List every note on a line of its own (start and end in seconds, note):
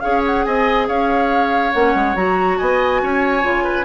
0.00 0.46 C#4
0.00 1.72 G#4
0.00 0.46 C#5
0.00 0.21 F5
0.26 0.44 F#5
0.44 0.89 C4
0.44 0.88 D#5
0.44 0.87 G#5
0.88 1.74 C#4
0.88 2.58 C#5
0.88 1.73 F5
1.73 1.95 A#3
1.73 2.16 C#4
1.73 2.16 F#5
1.95 2.16 G#3
2.16 2.58 F#3
2.16 3.41 F#4
2.16 2.58 A#5
2.58 3.02 B3
2.58 3.01 D#5
2.58 3.85 G#5
3.02 3.43 C#4
3.02 3.64 C#5
3.41 3.85 C#3
3.41 3.84 F4
3.64 3.85 B4